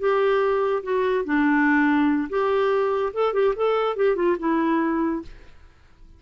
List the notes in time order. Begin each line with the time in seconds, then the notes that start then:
0.00 G4
0.84 F#4
1.25 D4
2.30 G4
3.14 A4
3.34 G4
3.56 A4
3.97 G4
4.16 F4
4.39 E4